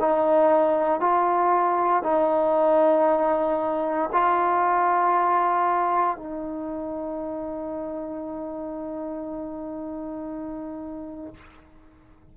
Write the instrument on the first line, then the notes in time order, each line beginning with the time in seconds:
trombone
0.00 D#4
1.01 F4
2.03 D#4
4.13 F4
6.17 D#4